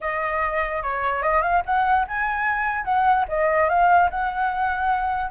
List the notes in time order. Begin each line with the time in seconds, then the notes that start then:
0.01 D#5
0.82 C#5
1.22 D#5
1.42 F5
1.65 F#5
2.07 G#5
2.84 F#5
3.28 D#5
3.69 F5
4.10 F#5